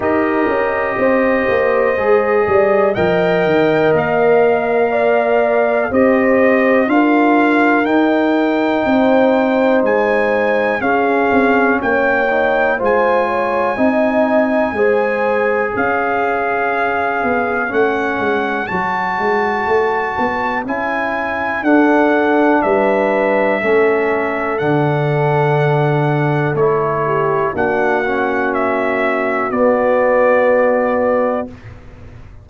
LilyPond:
<<
  \new Staff \with { instrumentName = "trumpet" } { \time 4/4 \tempo 4 = 61 dis''2. g''4 | f''2 dis''4 f''4 | g''2 gis''4 f''4 | g''4 gis''2. |
f''2 fis''4 a''4~ | a''4 gis''4 fis''4 e''4~ | e''4 fis''2 cis''4 | fis''4 e''4 d''2 | }
  \new Staff \with { instrumentName = "horn" } { \time 4/4 ais'4 c''4. d''8 dis''4~ | dis''4 d''4 c''4 ais'4~ | ais'4 c''2 gis'4 | cis''4 c''8 cis''8 dis''4 c''4 |
cis''1~ | cis''2 a'4 b'4 | a'2.~ a'8 g'8 | fis'1 | }
  \new Staff \with { instrumentName = "trombone" } { \time 4/4 g'2 gis'4 ais'4~ | ais'2 g'4 f'4 | dis'2. cis'4~ | cis'8 dis'8 f'4 dis'4 gis'4~ |
gis'2 cis'4 fis'4~ | fis'4 e'4 d'2 | cis'4 d'2 e'4 | d'8 cis'4. b2 | }
  \new Staff \with { instrumentName = "tuba" } { \time 4/4 dis'8 cis'8 c'8 ais8 gis8 g8 f8 dis8 | ais2 c'4 d'4 | dis'4 c'4 gis4 cis'8 c'8 | ais4 gis4 c'4 gis4 |
cis'4. b8 a8 gis8 fis8 gis8 | a8 b8 cis'4 d'4 g4 | a4 d2 a4 | ais2 b2 | }
>>